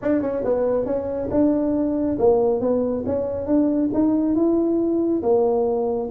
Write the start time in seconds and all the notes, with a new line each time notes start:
0.02 D4
0.21 C#4
0.44 B3
0.85 C#4
1.30 D4
2.18 A#3
2.60 B3
3.06 C#4
3.46 D4
3.93 D#4
4.35 E4
5.22 A#3